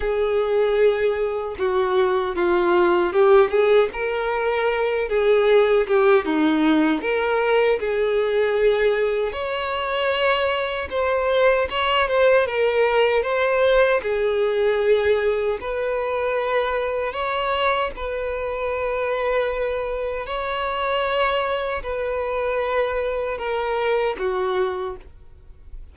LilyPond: \new Staff \with { instrumentName = "violin" } { \time 4/4 \tempo 4 = 77 gis'2 fis'4 f'4 | g'8 gis'8 ais'4. gis'4 g'8 | dis'4 ais'4 gis'2 | cis''2 c''4 cis''8 c''8 |
ais'4 c''4 gis'2 | b'2 cis''4 b'4~ | b'2 cis''2 | b'2 ais'4 fis'4 | }